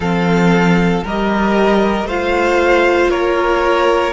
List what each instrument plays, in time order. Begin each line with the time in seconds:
0.00 cello F3, viola C4, violin A4 F5
1.03 cello G3, viola G4, violin A#4 D#5
2.03 cello A3, viola F4, violin C5 F5
3.09 cello A#3, violin A#4 C#5